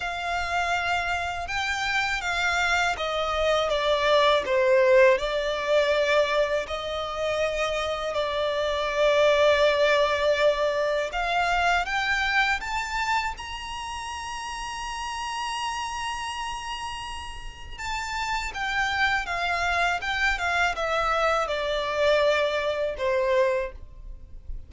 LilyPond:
\new Staff \with { instrumentName = "violin" } { \time 4/4 \tempo 4 = 81 f''2 g''4 f''4 | dis''4 d''4 c''4 d''4~ | d''4 dis''2 d''4~ | d''2. f''4 |
g''4 a''4 ais''2~ | ais''1 | a''4 g''4 f''4 g''8 f''8 | e''4 d''2 c''4 | }